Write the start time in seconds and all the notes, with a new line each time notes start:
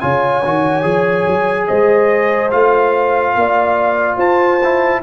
0.00 C#3 F4 C#5 G#5
0.43 D#3 F#4
0.82 F3 G#4
1.26 F#3
1.67 G#3 C5 D#5
2.51 A3 F4 F5
3.36 A#3 D5
4.17 F4 C5 A5
4.63 E4